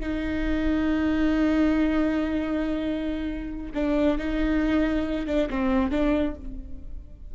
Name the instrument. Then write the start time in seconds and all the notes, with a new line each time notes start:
viola
0.00 D#4
3.74 D4
4.18 D#4
5.27 D4
5.49 C4
5.91 D4